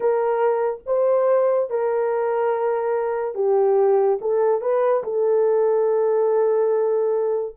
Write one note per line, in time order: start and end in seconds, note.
0.00 0.80 A#4
0.86 1.69 C5
1.69 3.35 A#4
3.35 4.18 G4
4.21 4.61 A4
4.61 5.03 B4
5.03 7.55 A4